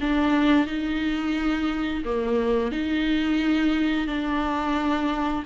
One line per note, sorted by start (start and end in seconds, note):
0.00 0.67 D4
0.67 2.03 D#4
2.05 2.71 A#3
2.71 4.07 D#4
4.07 5.44 D4